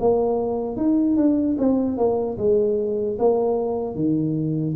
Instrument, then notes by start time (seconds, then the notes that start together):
tuba
0.00 A#3
0.77 D#4
1.17 D4
1.59 C4
1.98 A#3
2.38 G#3
3.19 A#3
3.96 D#3